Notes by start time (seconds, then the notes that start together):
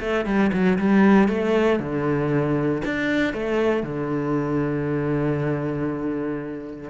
0.00 A3
0.25 G3
0.53 F#3
0.79 G3
1.28 A3
1.79 D3
2.85 D4
3.33 A3
3.83 D3